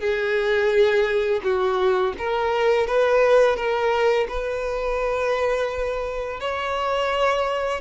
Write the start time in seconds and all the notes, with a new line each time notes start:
0.00 G#4
1.43 F#4
2.19 A#4
2.87 B4
3.56 A#4
4.29 B4
6.40 C#5